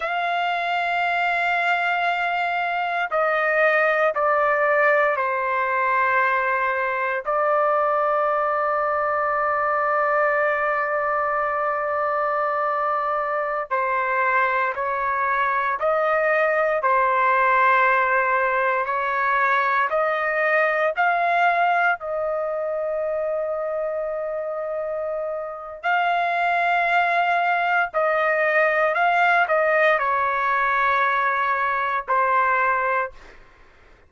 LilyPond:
\new Staff \with { instrumentName = "trumpet" } { \time 4/4 \tempo 4 = 58 f''2. dis''4 | d''4 c''2 d''4~ | d''1~ | d''4~ d''16 c''4 cis''4 dis''8.~ |
dis''16 c''2 cis''4 dis''8.~ | dis''16 f''4 dis''2~ dis''8.~ | dis''4 f''2 dis''4 | f''8 dis''8 cis''2 c''4 | }